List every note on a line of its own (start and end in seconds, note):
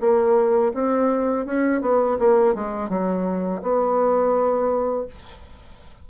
0.00 0.72 A#3
0.73 1.45 C4
1.45 1.81 C#4
1.81 2.17 B3
2.19 2.54 A#3
2.54 2.89 G#3
2.89 3.61 F#3
3.62 5.06 B3